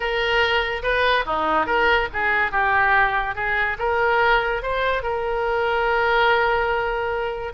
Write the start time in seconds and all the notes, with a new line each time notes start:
0.00 A#4
0.83 B4
1.25 D#4
1.66 A#4
2.13 G#4
2.51 G4
3.35 G#4
3.78 A#4
4.62 C5
5.02 A#4